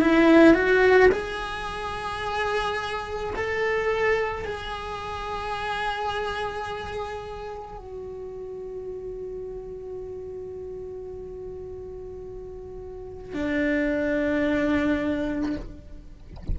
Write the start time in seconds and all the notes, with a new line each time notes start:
0.00 E4
0.54 F#4
1.11 G#4
3.35 A4
4.44 G#4
7.78 F#4
13.33 D4